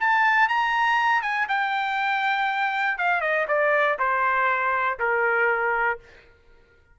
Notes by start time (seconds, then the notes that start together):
0.00 A5
0.49 A#5
1.22 G#5
1.49 G5
2.98 F5
3.21 D#5
3.48 D5
3.99 C5
5.00 A#4